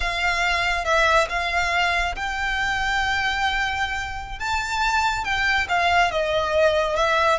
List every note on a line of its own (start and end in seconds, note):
0.00 0.84 F5
0.84 1.27 E5
1.29 2.15 F5
2.15 4.39 G5
4.39 5.24 A5
5.24 5.67 G5
5.68 6.11 F5
6.11 6.96 D#5
6.96 7.39 E5